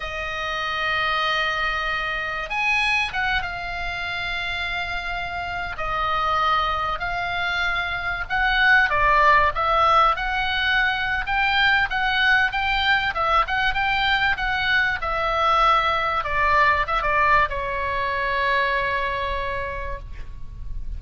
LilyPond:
\new Staff \with { instrumentName = "oboe" } { \time 4/4 \tempo 4 = 96 dis''1 | gis''4 fis''8 f''2~ f''8~ | f''4~ f''16 dis''2 f''8.~ | f''4~ f''16 fis''4 d''4 e''8.~ |
e''16 fis''4.~ fis''16 g''4 fis''4 | g''4 e''8 fis''8 g''4 fis''4 | e''2 d''4 e''16 d''8. | cis''1 | }